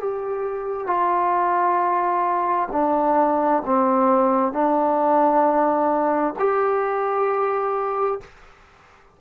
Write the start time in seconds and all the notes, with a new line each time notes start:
0.00 G4
0.87 F4
2.72 D4
3.66 C4
4.53 D4
6.39 G4